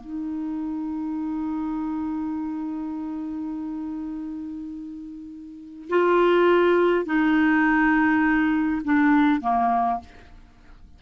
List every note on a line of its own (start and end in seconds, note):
0.00 5.88 D#4
5.90 7.05 F4
7.05 8.82 D#4
8.84 9.41 D4
9.41 10.00 A#3